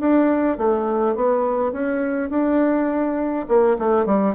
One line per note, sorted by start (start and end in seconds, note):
0.00 0.58 D4
0.58 1.16 A3
1.16 1.72 B3
1.72 2.30 C#4
2.30 3.46 D4
3.48 3.77 A#3
3.79 4.06 A3
4.06 4.35 G3